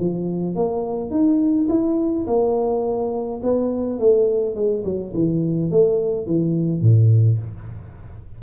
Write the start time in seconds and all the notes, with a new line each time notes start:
0.00 F3
0.56 A#3
1.11 D#4
1.69 E4
2.27 A#3
3.43 B3
3.99 A3
4.55 G#3
4.85 F#3
5.15 E3
5.71 A3
6.27 E3
6.82 A2